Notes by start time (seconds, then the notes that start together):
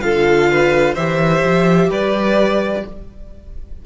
0.00 D3 F4 A4 F5
0.51 B4
0.94 E3 G4 C5 E5
1.44 F3
1.89 G3 B4 D5